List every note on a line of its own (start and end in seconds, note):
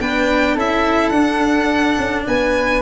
0.00 0.57 B3
0.00 0.58 D4
0.00 0.55 B4
0.00 0.57 G5
0.55 1.11 C#4
0.55 1.14 E4
0.55 2.25 A4
0.55 1.10 E5
1.10 1.96 D4
1.10 2.82 D4
1.10 2.23 F#5
1.99 2.27 C#4
2.27 2.82 B3
2.27 2.82 B4
2.27 2.82 G#5